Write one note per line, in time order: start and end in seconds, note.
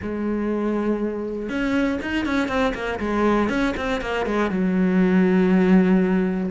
0.02 1.49 G#3
1.49 1.99 C#4
2.02 2.25 D#4
2.25 2.48 C#4
2.48 2.73 C4
2.74 2.99 A#3
2.99 3.49 G#3
3.49 3.74 C#4
3.76 4.01 C4
4.01 4.25 A#3
4.25 4.50 G#3
4.50 6.50 F#3